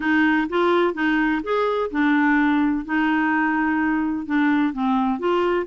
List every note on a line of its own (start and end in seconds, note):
0.00 0.47 D#4
0.49 0.94 F4
0.94 1.41 D#4
1.43 1.90 G#4
1.90 2.85 D4
2.85 4.25 D#4
4.25 4.73 D4
4.73 5.19 C4
5.19 5.66 F4